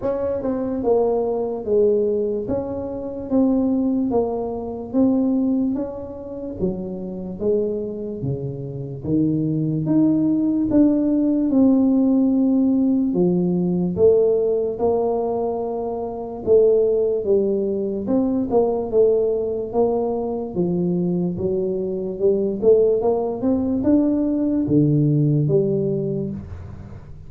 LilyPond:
\new Staff \with { instrumentName = "tuba" } { \time 4/4 \tempo 4 = 73 cis'8 c'8 ais4 gis4 cis'4 | c'4 ais4 c'4 cis'4 | fis4 gis4 cis4 dis4 | dis'4 d'4 c'2 |
f4 a4 ais2 | a4 g4 c'8 ais8 a4 | ais4 f4 fis4 g8 a8 | ais8 c'8 d'4 d4 g4 | }